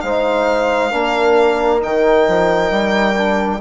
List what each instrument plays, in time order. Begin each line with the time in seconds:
0.00 bassoon G#3, trombone D#4, horn C5, violin F5
0.91 bassoon A#3, trombone D4, horn A#4
1.79 bassoon D#3, trombone D#4, violin G5
2.27 bassoon F3
2.71 bassoon G3
3.14 trombone D4